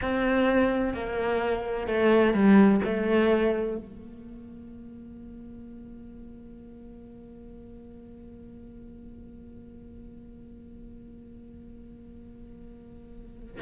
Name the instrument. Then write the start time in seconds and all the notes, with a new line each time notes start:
cello
0.01 C4
0.94 A#3
1.87 A3
2.34 G3
2.84 A3
3.77 A#3